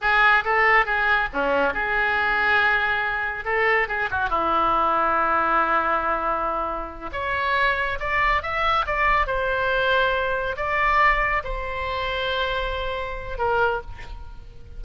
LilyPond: \new Staff \with { instrumentName = "oboe" } { \time 4/4 \tempo 4 = 139 gis'4 a'4 gis'4 cis'4 | gis'1 | a'4 gis'8 fis'8 e'2~ | e'1~ |
e'8 cis''2 d''4 e''8~ | e''8 d''4 c''2~ c''8~ | c''8 d''2 c''4.~ | c''2. ais'4 | }